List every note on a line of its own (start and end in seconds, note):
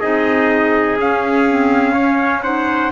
0.00 0.98 C4
0.00 0.98 D#4
0.00 1.93 G#4
0.00 0.97 D#5
0.98 2.92 C#4
0.98 1.48 C#4
0.98 2.43 F5
1.49 1.96 C4
1.93 2.44 C#4
1.93 2.41 C#5
2.43 2.92 D#4
2.43 2.92 C5
2.43 2.92 F#5